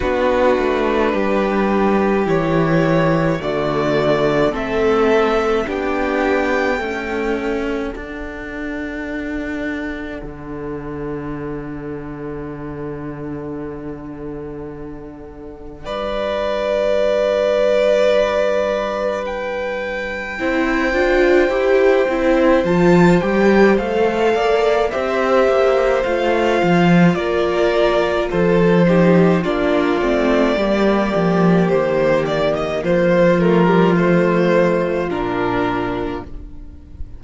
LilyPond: <<
  \new Staff \with { instrumentName = "violin" } { \time 4/4 \tempo 4 = 53 b'2 cis''4 d''4 | e''4 g''2 fis''4~ | fis''1~ | fis''2 d''2~ |
d''4 g''2. | a''8 g''8 f''4 e''4 f''4 | d''4 c''4 d''2 | c''8 d''16 dis''16 c''8 ais'8 c''4 ais'4 | }
  \new Staff \with { instrumentName = "violin" } { \time 4/4 fis'4 g'2 fis'4 | a'4 g'4 a'2~ | a'1~ | a'2 b'2~ |
b'2 c''2~ | c''4. d''8 c''2 | ais'4 a'8 g'8 f'4 g'4~ | g'4 f'2. | }
  \new Staff \with { instrumentName = "viola" } { \time 4/4 d'2 e'4 a4 | c'4 d'4 a4 d'4~ | d'1~ | d'1~ |
d'2 e'8 f'8 g'8 e'8 | f'8 g'8 a'4 g'4 f'4~ | f'4. dis'8 d'8 c'8 ais4~ | ais4. a16 g16 a4 d'4 | }
  \new Staff \with { instrumentName = "cello" } { \time 4/4 b8 a8 g4 e4 d4 | a4 b4 cis'4 d'4~ | d'4 d2.~ | d2 g2~ |
g2 c'8 d'8 e'8 c'8 | f8 g8 a8 ais8 c'8 ais8 a8 f8 | ais4 f4 ais8 a8 g8 f8 | dis4 f2 ais,4 | }
>>